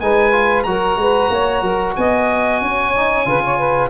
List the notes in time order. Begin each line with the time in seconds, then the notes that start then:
0.00 G#3 D#4 B4 G#5
0.32 F4
0.63 F#3 F#4 A#4 A#5
0.97 G#3 B4
1.30 A#3 C#5
1.61 F#3 A#4
1.96 B3 D#5 G#5
2.62 C#4 C#5
2.96 D#4
3.25 C#3 F4 B4
3.44 C#5
3.57 B4